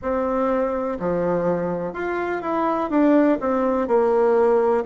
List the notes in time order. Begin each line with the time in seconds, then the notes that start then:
0.01 C4
0.99 F3
1.93 F4
2.41 E4
2.89 D4
3.40 C4
3.87 A#3